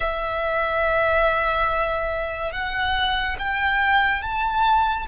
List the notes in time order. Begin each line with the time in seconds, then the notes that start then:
0.00 E5
2.51 F#5
3.38 G5
4.22 A5